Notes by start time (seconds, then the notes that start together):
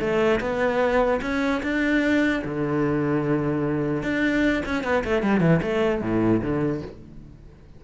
0.00 A3
0.40 B3
1.21 C#4
1.63 D4
2.44 D3
4.03 D4
4.66 C#4
4.84 B3
5.04 A3
5.22 G3
5.40 E3
5.62 A3
6.02 A2
6.42 D3